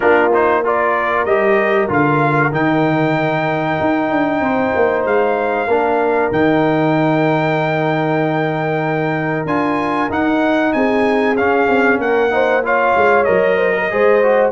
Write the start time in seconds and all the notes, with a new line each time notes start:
0.00 A#3 D4 F4 A#4
0.33 D#4 C5
0.63 F4 A#4 D5
1.25 G3 G4 D#5
1.88 D3 F4 F5
2.51 D#3 D#4 G5
3.80 D#4
4.10 D4
4.40 C4 C5
4.75 A#3
5.04 G#3 F5
5.67 A#3 D4 A#4
6.31 D#3 D#4 G5
9.45 D4 F4 G#5
10.09 D#4 F#5
10.72 C4 G#4 G#5
11.36 C#4 F5
11.68 C4
11.97 A#3 A#4 F#5
12.30 D#4 C5
12.62 F4 C#5 F5
12.96 G#3
13.24 F#3 A#4 D#5
13.56 C5
13.75 A#4
13.89 G#3 G#4 C5
14.22 F#4